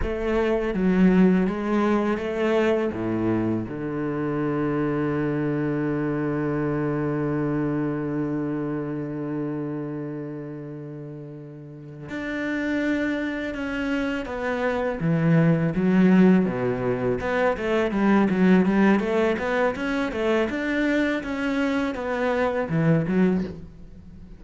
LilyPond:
\new Staff \with { instrumentName = "cello" } { \time 4/4 \tempo 4 = 82 a4 fis4 gis4 a4 | a,4 d2.~ | d1~ | d1~ |
d8 d'2 cis'4 b8~ | b8 e4 fis4 b,4 b8 | a8 g8 fis8 g8 a8 b8 cis'8 a8 | d'4 cis'4 b4 e8 fis8 | }